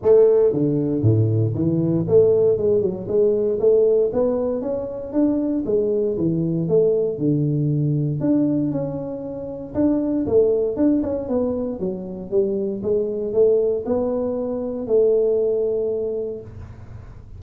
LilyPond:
\new Staff \with { instrumentName = "tuba" } { \time 4/4 \tempo 4 = 117 a4 d4 a,4 e4 | a4 gis8 fis8 gis4 a4 | b4 cis'4 d'4 gis4 | e4 a4 d2 |
d'4 cis'2 d'4 | a4 d'8 cis'8 b4 fis4 | g4 gis4 a4 b4~ | b4 a2. | }